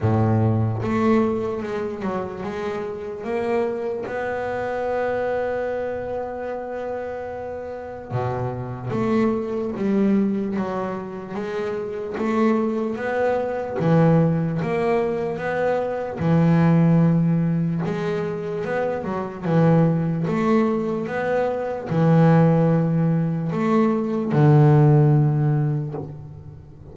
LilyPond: \new Staff \with { instrumentName = "double bass" } { \time 4/4 \tempo 4 = 74 a,4 a4 gis8 fis8 gis4 | ais4 b2.~ | b2 b,4 a4 | g4 fis4 gis4 a4 |
b4 e4 ais4 b4 | e2 gis4 b8 fis8 | e4 a4 b4 e4~ | e4 a4 d2 | }